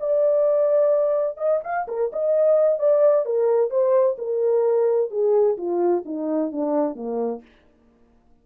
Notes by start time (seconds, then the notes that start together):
0.00 D5
1.38 D#5
1.64 F5
1.88 A#4
2.13 D#5
2.79 D5
3.26 A#4
3.71 C5
4.19 A#4
5.11 G#4
5.58 F4
6.06 D#4
6.52 D4
6.96 A#3